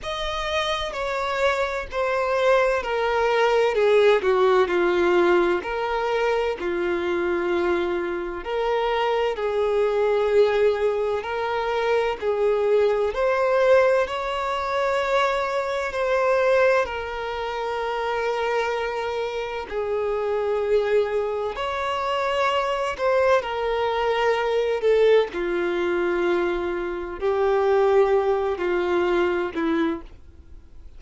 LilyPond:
\new Staff \with { instrumentName = "violin" } { \time 4/4 \tempo 4 = 64 dis''4 cis''4 c''4 ais'4 | gis'8 fis'8 f'4 ais'4 f'4~ | f'4 ais'4 gis'2 | ais'4 gis'4 c''4 cis''4~ |
cis''4 c''4 ais'2~ | ais'4 gis'2 cis''4~ | cis''8 c''8 ais'4. a'8 f'4~ | f'4 g'4. f'4 e'8 | }